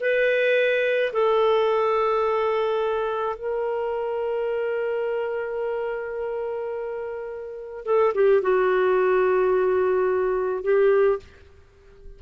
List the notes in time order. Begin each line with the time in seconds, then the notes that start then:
0.00 B4
1.13 A4
3.36 A#4
7.85 A4
8.14 G4
8.42 F#4
10.63 G4